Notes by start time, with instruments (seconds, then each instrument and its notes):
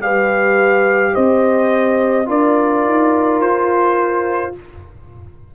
0.00 tuba G3, trombone G4, horn B4, trumpet F5
1.14 tuba C4, horn C5, trumpet D#5
2.26 tuba D4, trombone F4, horn A#4, trumpet D5
2.85 tuba D#4
3.41 tuba F4, trumpet C5